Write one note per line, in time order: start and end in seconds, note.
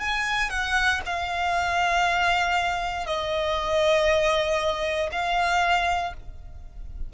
0.00 0.50 G#5
0.50 1.01 F#5
1.06 3.07 F5
3.07 5.10 D#5
5.12 6.14 F5